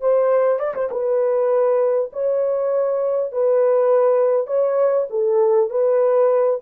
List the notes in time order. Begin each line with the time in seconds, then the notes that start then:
0.00 C5
0.59 D5
0.74 C5
0.91 B4
2.12 C#5
3.32 B4
4.46 C#5
5.10 A4
5.70 B4